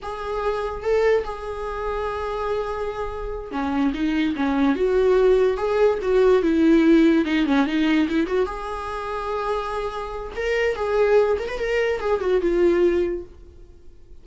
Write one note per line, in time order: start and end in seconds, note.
0.02 0.82 G#4
0.82 1.24 A4
1.24 3.51 G#4
3.51 3.93 C#4
3.93 4.35 D#4
4.35 4.75 C#4
4.75 5.57 F#4
5.57 5.98 G#4
6.02 6.42 F#4
6.42 7.25 E4
7.25 7.45 D#4
7.46 7.66 C#4
7.66 8.07 D#4
8.08 8.26 E4
8.26 8.46 F#4
8.46 10.32 G#4
10.36 10.75 A#4
10.75 11.37 G#4
11.39 11.48 A#4
11.48 11.58 B4
11.58 12.00 A#4
12.00 12.20 G#4
12.20 12.41 F#4
12.41 13.23 F4